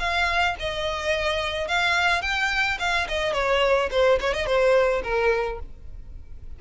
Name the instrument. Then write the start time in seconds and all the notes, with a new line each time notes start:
violin
0.00 F5
0.60 D#5
1.68 F5
2.23 G5
2.80 F5
3.08 D#5
3.34 C#5
3.92 C5
4.21 C#5
4.34 D#5
4.47 C5
5.04 A#4